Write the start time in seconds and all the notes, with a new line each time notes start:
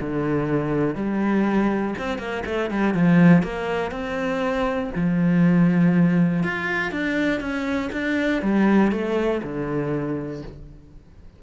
0.00 D3
0.95 G3
1.98 C4
2.18 A#3
2.45 A3
2.70 G3
2.94 F3
3.43 A#3
3.91 C4
4.95 F3
6.43 F4
6.91 D4
7.40 C#4
7.92 D4
8.42 G3
8.91 A3
9.43 D3